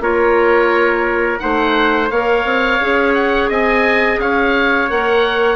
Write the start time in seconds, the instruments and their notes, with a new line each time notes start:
0.00 bassoon A#3, clarinet F4, trumpet A#4, oboe C#5
1.39 bassoon A3, clarinet D#4, trumpet C5, oboe F#5
2.11 bassoon A#3, clarinet A#4, trumpet C#5, oboe F5
2.45 bassoon C4
2.81 bassoon C#4, clarinet G#4
3.14 oboe F#5
3.49 bassoon C4, trumpet D#5, oboe G#5
4.18 bassoon C#4, trumpet C#5, oboe F5
4.89 bassoon A#3, clarinet A#4, oboe F#5